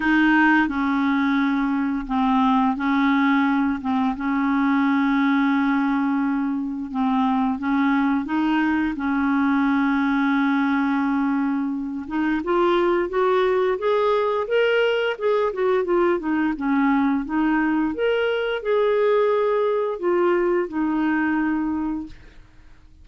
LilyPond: \new Staff \with { instrumentName = "clarinet" } { \time 4/4 \tempo 4 = 87 dis'4 cis'2 c'4 | cis'4. c'8 cis'2~ | cis'2 c'4 cis'4 | dis'4 cis'2.~ |
cis'4. dis'8 f'4 fis'4 | gis'4 ais'4 gis'8 fis'8 f'8 dis'8 | cis'4 dis'4 ais'4 gis'4~ | gis'4 f'4 dis'2 | }